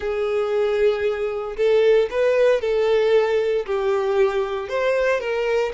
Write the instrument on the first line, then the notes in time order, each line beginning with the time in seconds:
violin
0.00 G#4
1.57 A4
2.10 B4
2.61 A4
3.66 G4
4.68 C5
5.20 A#4